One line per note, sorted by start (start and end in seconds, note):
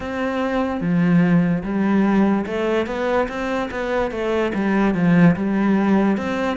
0.00 0.80 C4
0.80 1.63 F3
1.63 2.45 G3
2.46 2.86 A3
2.86 3.27 B3
3.28 3.69 C4
3.70 4.11 B3
4.11 4.52 A3
4.54 4.94 G3
4.94 5.35 F3
5.36 6.17 G3
6.17 6.57 C4